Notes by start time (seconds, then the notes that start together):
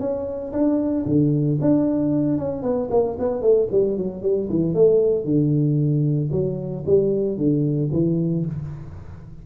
0.00 C#4
0.53 D4
1.06 D3
1.61 D4
2.39 C#4
2.63 B3
2.91 A#3
3.19 B3
3.42 A3
3.72 G3
3.98 F#3
4.22 G3
4.49 E3
4.74 A3
5.25 D3
6.32 F#3
6.86 G3
7.38 D3
7.93 E3